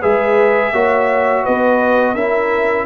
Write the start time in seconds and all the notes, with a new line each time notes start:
0.00 G#3 G#4 B4 E5
0.73 A#3 F#4 C#5
1.43 B3 B4 D#5
2.14 C#4 E4 A#4 E5